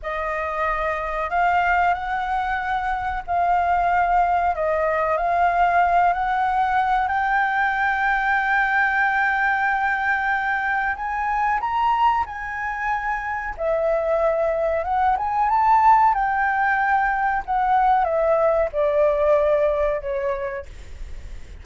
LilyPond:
\new Staff \with { instrumentName = "flute" } { \time 4/4 \tempo 4 = 93 dis''2 f''4 fis''4~ | fis''4 f''2 dis''4 | f''4. fis''4. g''4~ | g''1~ |
g''4 gis''4 ais''4 gis''4~ | gis''4 e''2 fis''8 gis''8 | a''4 g''2 fis''4 | e''4 d''2 cis''4 | }